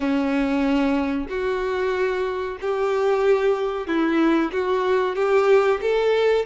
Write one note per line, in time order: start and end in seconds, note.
0.00 1.27 C#4
1.29 2.58 F#4
2.61 3.87 G4
3.87 4.51 E4
4.52 5.15 F#4
5.15 5.80 G4
5.81 6.45 A4